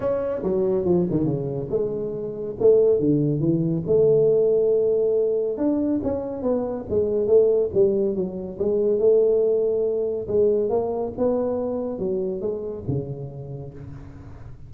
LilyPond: \new Staff \with { instrumentName = "tuba" } { \time 4/4 \tempo 4 = 140 cis'4 fis4 f8 dis8 cis4 | gis2 a4 d4 | e4 a2.~ | a4 d'4 cis'4 b4 |
gis4 a4 g4 fis4 | gis4 a2. | gis4 ais4 b2 | fis4 gis4 cis2 | }